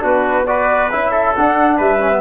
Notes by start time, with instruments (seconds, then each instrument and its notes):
0.00 tuba B3, trombone D4, trumpet F#4, flute B4
0.47 trombone F#4, trumpet B4, flute D5
0.91 tuba C#4, trombone E4, flute E5
1.11 trumpet A4
1.36 trombone D4, tuba D4, flute F#5
1.78 tuba G3, trumpet B4, flute E5
2.00 trombone C#4
2.11 trombone B3